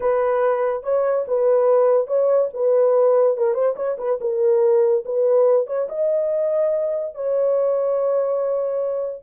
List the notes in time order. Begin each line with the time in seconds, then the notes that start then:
0.00 B4
0.83 C#5
1.27 B4
2.07 C#5
2.53 B4
3.37 A#4
3.53 C5
3.76 C#5
3.98 B4
4.20 A#4
5.05 B4
5.66 C#5
5.88 D#5
7.14 C#5